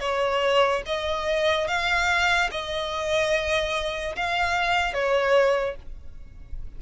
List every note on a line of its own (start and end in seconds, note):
0.00 0.82 C#5
0.86 1.67 D#5
1.67 2.50 F5
2.51 4.15 D#5
4.16 4.94 F5
4.94 5.76 C#5